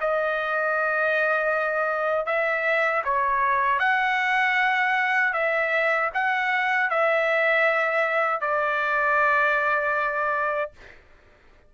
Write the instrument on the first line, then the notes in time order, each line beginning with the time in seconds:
trumpet
0.00 D#5
2.26 E5
3.05 C#5
3.79 F#5
5.33 E5
6.14 F#5
6.90 E5
8.41 D5